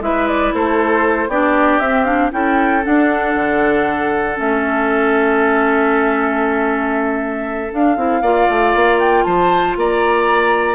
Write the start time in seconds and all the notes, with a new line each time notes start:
0.00 G#3 E4 B4 E5
0.27 D5
0.53 A3 A4 C5
1.27 B3 D4 G4 D5
1.79 C4 E5
2.04 D4 F5
2.31 C#4 E4 A4 G5
2.84 D4 F#5
3.35 D3
4.35 A3 C#4 E5
7.71 D4 F5
7.96 C4 E4
8.21 A#3 F4 D5
8.49 A3
8.74 A#3
8.99 G5
9.23 F3 C5 A5
9.76 A#3 D5 A#5